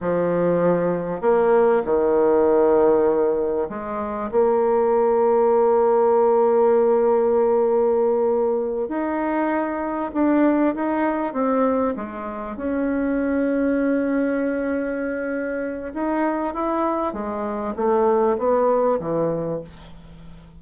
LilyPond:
\new Staff \with { instrumentName = "bassoon" } { \time 4/4 \tempo 4 = 98 f2 ais4 dis4~ | dis2 gis4 ais4~ | ais1~ | ais2~ ais8 dis'4.~ |
dis'8 d'4 dis'4 c'4 gis8~ | gis8 cis'2.~ cis'8~ | cis'2 dis'4 e'4 | gis4 a4 b4 e4 | }